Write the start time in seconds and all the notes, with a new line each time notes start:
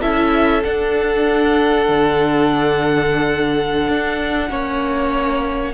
0.00 C#4 E4 A4 E5
0.64 D4 F#5
1.88 D3
3.88 D4
4.48 A#3 C#4 C#5